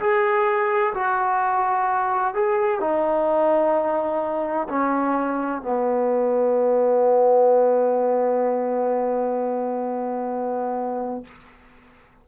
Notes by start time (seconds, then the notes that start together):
0.00 G#4
0.94 F#4
2.34 G#4
2.80 D#4
4.69 C#4
5.62 B3